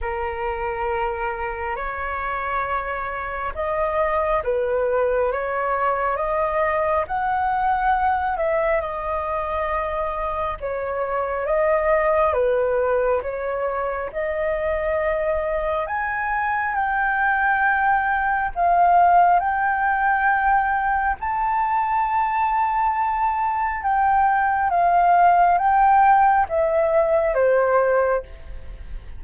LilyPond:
\new Staff \with { instrumentName = "flute" } { \time 4/4 \tempo 4 = 68 ais'2 cis''2 | dis''4 b'4 cis''4 dis''4 | fis''4. e''8 dis''2 | cis''4 dis''4 b'4 cis''4 |
dis''2 gis''4 g''4~ | g''4 f''4 g''2 | a''2. g''4 | f''4 g''4 e''4 c''4 | }